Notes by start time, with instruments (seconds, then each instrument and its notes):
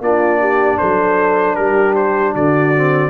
0.00 tuba A#3, trombone D4, horn F4, trumpet D5
0.40 horn G4
0.78 tuba F#3, horn A4, trumpet C5
1.55 tuba G3, horn G4, trumpet A#4
1.95 trumpet C5
2.33 tuba D3, horn F#4, trumpet D5
2.75 trombone C4